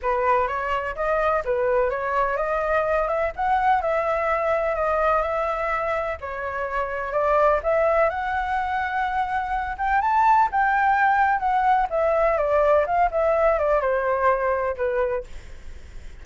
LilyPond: \new Staff \with { instrumentName = "flute" } { \time 4/4 \tempo 4 = 126 b'4 cis''4 dis''4 b'4 | cis''4 dis''4. e''8 fis''4 | e''2 dis''4 e''4~ | e''4 cis''2 d''4 |
e''4 fis''2.~ | fis''8 g''8 a''4 g''2 | fis''4 e''4 d''4 f''8 e''8~ | e''8 d''8 c''2 b'4 | }